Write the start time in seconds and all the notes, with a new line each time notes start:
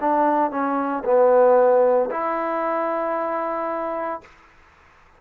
0.00 D4
0.50 C#4
1.04 B3
2.11 E4